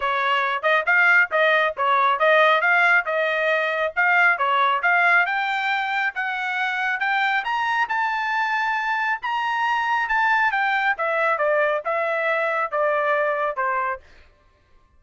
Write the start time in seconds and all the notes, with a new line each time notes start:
0.00 C#5
0.62 D#5
0.86 F5
1.31 D#5
1.76 C#5
2.19 D#5
2.61 F5
3.05 D#5
3.96 F5
4.38 C#5
4.82 F5
5.26 G5
6.14 F#5
7.00 G5
7.44 A#5
7.88 A5
9.21 A#5
10.08 A5
10.51 G5
10.97 E5
11.38 D5
11.85 E5
12.71 D5
13.56 C5